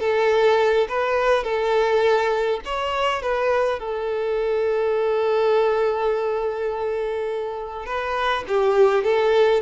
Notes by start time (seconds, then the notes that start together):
0.00 A4
0.88 B4
1.44 A4
2.65 C#5
3.22 B4
3.79 A4
7.86 B4
8.48 G4
9.04 A4